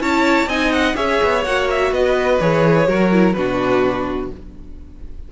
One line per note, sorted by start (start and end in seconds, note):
0.00 0.47 C#4
0.00 0.48 E4
0.00 0.48 C#5
0.00 0.49 A5
0.47 0.94 C4
0.47 0.95 D#4
0.47 0.96 D#5
0.47 0.72 G#5
0.72 0.96 F#5
0.95 1.20 C#4
0.95 1.42 G#4
0.95 1.91 C#5
0.95 1.44 E5
1.24 1.46 B3
1.44 1.91 A#3
1.44 2.41 F#4
1.44 1.68 F#5
1.70 1.93 E5
1.91 2.39 B3
1.91 2.88 B4
1.91 2.41 D#5
2.41 2.88 E3
2.41 2.87 G#4
2.41 3.33 C#5
2.87 3.35 F#3
2.87 3.11 F#4
2.87 3.36 A#4
3.12 3.36 E4
3.33 4.31 B2
3.33 4.32 D4
3.33 4.32 F#4
3.33 4.28 B4